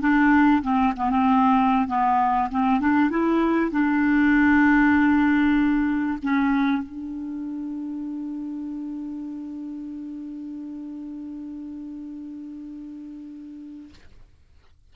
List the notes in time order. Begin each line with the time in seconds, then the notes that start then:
0.00 D4
0.62 C4
0.96 B3
1.10 C4
1.87 B3
2.51 C4
2.80 D4
3.10 E4
3.71 D4
6.22 C#4
6.82 D4